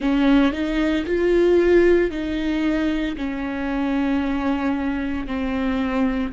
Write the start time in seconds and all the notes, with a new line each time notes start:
0.00 C#4
0.52 D#4
1.06 F4
2.11 D#4
3.16 C#4
5.26 C4